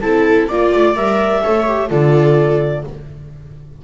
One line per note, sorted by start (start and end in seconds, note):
0.00 0.49 C4
0.00 0.49 E4
0.00 0.48 A4
0.00 0.47 A5
0.48 0.73 A#3
0.48 0.96 F4
0.48 1.42 D5
0.48 0.96 D5
0.74 0.96 A3
0.96 1.43 G3
0.96 1.42 A#4
0.96 1.90 E5
1.43 1.91 A3
1.43 1.66 A4
1.43 1.89 C#5
1.67 1.89 G4
1.89 2.84 D3
1.89 2.83 F4
1.89 2.83 A4
1.89 2.84 D5